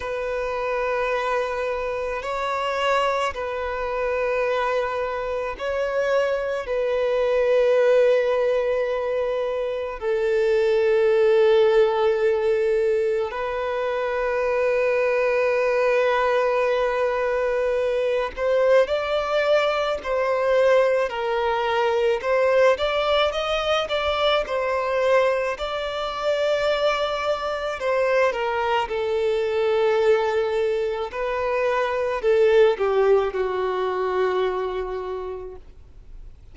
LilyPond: \new Staff \with { instrumentName = "violin" } { \time 4/4 \tempo 4 = 54 b'2 cis''4 b'4~ | b'4 cis''4 b'2~ | b'4 a'2. | b'1~ |
b'8 c''8 d''4 c''4 ais'4 | c''8 d''8 dis''8 d''8 c''4 d''4~ | d''4 c''8 ais'8 a'2 | b'4 a'8 g'8 fis'2 | }